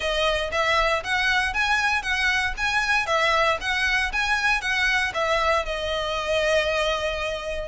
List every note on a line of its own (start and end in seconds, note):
0.00 0.51 D#5
0.51 1.03 E5
1.03 1.53 F#5
1.53 2.02 G#5
2.02 2.53 F#5
2.57 3.06 G#5
3.06 3.58 E5
3.60 4.12 F#5
4.12 4.61 G#5
4.61 5.12 F#5
5.14 5.65 E5
5.65 7.68 D#5